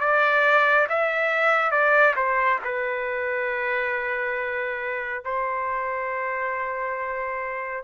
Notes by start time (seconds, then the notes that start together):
0.00 D5
0.89 E5
1.71 D5
2.16 C5
2.64 B4
5.25 C5